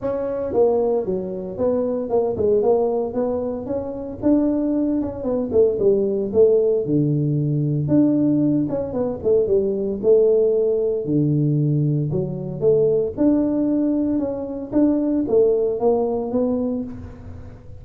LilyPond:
\new Staff \with { instrumentName = "tuba" } { \time 4/4 \tempo 4 = 114 cis'4 ais4 fis4 b4 | ais8 gis8 ais4 b4 cis'4 | d'4. cis'8 b8 a8 g4 | a4 d2 d'4~ |
d'8 cis'8 b8 a8 g4 a4~ | a4 d2 fis4 | a4 d'2 cis'4 | d'4 a4 ais4 b4 | }